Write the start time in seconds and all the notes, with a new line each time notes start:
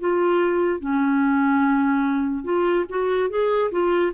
0.00 F4
0.80 C#4
2.44 F4
2.89 F#4
3.30 G#4
3.71 F4